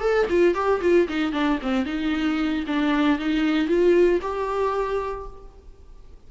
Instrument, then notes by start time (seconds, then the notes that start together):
viola
0.00 A4
0.30 F4
0.54 G4
0.81 F4
1.08 D#4
1.32 D4
1.62 C4
1.86 D#4
2.67 D4
3.19 D#4
3.67 F4
4.22 G4